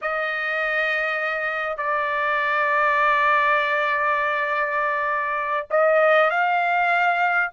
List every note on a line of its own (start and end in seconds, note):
0.01 1.77 D#5
1.77 5.67 D5
5.70 6.30 D#5
6.30 7.50 F5